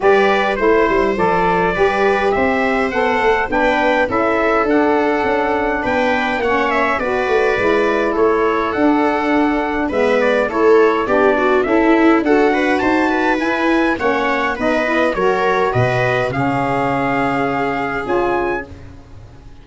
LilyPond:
<<
  \new Staff \with { instrumentName = "trumpet" } { \time 4/4 \tempo 4 = 103 d''4 c''4 d''2 | e''4 fis''4 g''4 e''4 | fis''2 g''4 fis''8 e''8 | d''2 cis''4 fis''4~ |
fis''4 e''8 d''8 cis''4 d''4 | e''4 fis''4 a''4 gis''4 | fis''4 dis''4 cis''4 dis''4 | f''2. gis''4 | }
  \new Staff \with { instrumentName = "viola" } { \time 4/4 b'4 c''2 b'4 | c''2 b'4 a'4~ | a'2 b'4 cis''4 | b'2 a'2~ |
a'4 b'4 a'4 g'8 fis'8 | e'4 a'8 b'8 c''8 b'4. | cis''4 b'4 ais'4 b'4 | gis'1 | }
  \new Staff \with { instrumentName = "saxophone" } { \time 4/4 g'4 e'4 a'4 g'4~ | g'4 a'4 d'4 e'4 | d'2. cis'4 | fis'4 e'2 d'4~ |
d'4 b4 e'4 d'4 | a'4 fis'2 e'4 | cis'4 dis'8 e'8 fis'2 | cis'2. f'4 | }
  \new Staff \with { instrumentName = "tuba" } { \time 4/4 g4 a8 g8 f4 g4 | c'4 b8 a8 b4 cis'4 | d'4 cis'4 b4 ais4 | b8 a8 gis4 a4 d'4~ |
d'4 gis4 a4 b4 | cis'4 d'4 dis'4 e'4 | ais4 b4 fis4 b,4 | cis2. cis'4 | }
>>